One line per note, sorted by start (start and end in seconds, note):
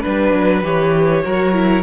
0.00 0.32 G3
0.00 0.62 D4
0.00 1.21 B4
0.00 0.63 B4
0.32 0.62 F#3
0.62 1.23 E3
0.62 1.23 G4
0.62 1.83 C#5
1.23 1.83 F#3
1.23 1.53 F#4
1.23 1.83 A#4
1.53 1.83 E4